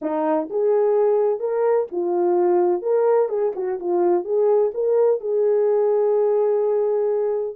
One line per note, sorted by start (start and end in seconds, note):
0.01 0.49 D#4
0.50 1.39 G#4
1.39 1.86 A#4
1.91 2.82 F4
2.82 3.28 A#4
3.28 3.52 G#4
3.55 3.79 F#4
3.79 4.24 F4
4.24 4.71 G#4
4.74 5.20 A#4
5.20 7.56 G#4